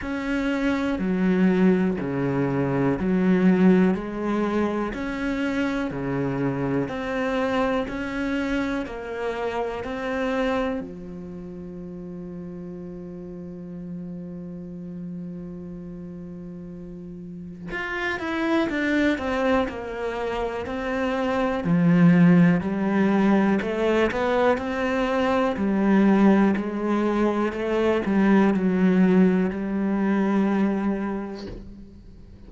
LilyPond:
\new Staff \with { instrumentName = "cello" } { \time 4/4 \tempo 4 = 61 cis'4 fis4 cis4 fis4 | gis4 cis'4 cis4 c'4 | cis'4 ais4 c'4 f4~ | f1~ |
f2 f'8 e'8 d'8 c'8 | ais4 c'4 f4 g4 | a8 b8 c'4 g4 gis4 | a8 g8 fis4 g2 | }